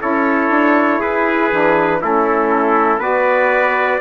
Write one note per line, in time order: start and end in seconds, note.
0.00 0.50 C#4
0.00 1.50 E4
0.00 0.99 A4
0.00 1.01 C#5
0.50 1.00 D4
0.99 1.51 E4
0.99 1.99 G#4
0.99 2.01 B4
1.51 2.02 E3
1.51 2.00 D4
2.00 2.98 A3
2.00 2.99 C#4
2.00 2.99 E4
2.00 3.02 A4
2.98 3.98 B3
2.98 3.99 F#4
2.98 3.99 B4
2.98 4.00 D5